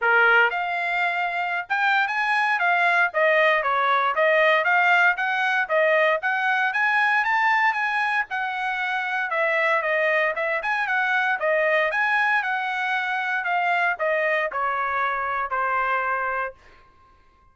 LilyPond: \new Staff \with { instrumentName = "trumpet" } { \time 4/4 \tempo 4 = 116 ais'4 f''2~ f''16 g''8. | gis''4 f''4 dis''4 cis''4 | dis''4 f''4 fis''4 dis''4 | fis''4 gis''4 a''4 gis''4 |
fis''2 e''4 dis''4 | e''8 gis''8 fis''4 dis''4 gis''4 | fis''2 f''4 dis''4 | cis''2 c''2 | }